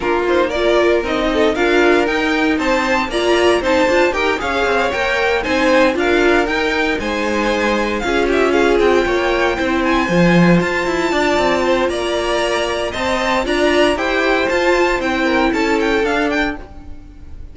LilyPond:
<<
  \new Staff \with { instrumentName = "violin" } { \time 4/4 \tempo 4 = 116 ais'8 c''8 d''4 dis''4 f''4 | g''4 a''4 ais''4 a''4 | g''8 f''4 g''4 gis''4 f''8~ | f''8 g''4 gis''2 f''8 |
e''8 f''8 g''2 gis''4~ | gis''8 a''2~ a''8 ais''4~ | ais''4 a''4 ais''4 g''4 | a''4 g''4 a''8 g''8 f''8 g''8 | }
  \new Staff \with { instrumentName = "violin" } { \time 4/4 f'4 ais'4. a'8 ais'4~ | ais'4 c''4 d''4 c''4 | ais'8 cis''2 c''4 ais'8~ | ais'4. c''2 gis'8 |
g'8 gis'4 cis''4 c''4.~ | c''4. d''4 c''8 d''4~ | d''4 dis''4 d''4 c''4~ | c''4. ais'8 a'2 | }
  \new Staff \with { instrumentName = "viola" } { \time 4/4 d'8 dis'8 f'4 dis'4 f'4 | dis'2 f'4 dis'8 f'8 | g'8 gis'4 ais'4 dis'4 f'8~ | f'8 dis'2. f'8~ |
f'2~ f'8 e'4 f'8~ | f'1~ | f'4 c''4 f'4 g'4 | f'4 e'2 d'4 | }
  \new Staff \with { instrumentName = "cello" } { \time 4/4 ais2 c'4 d'4 | dis'4 c'4 ais4 c'8 d'8 | dis'8 cis'8 c'8 ais4 c'4 d'8~ | d'8 dis'4 gis2 cis'8~ |
cis'4 c'8 ais4 c'4 f8~ | f8 f'8 e'8 d'8 c'4 ais4~ | ais4 c'4 d'4 e'4 | f'4 c'4 cis'4 d'4 | }
>>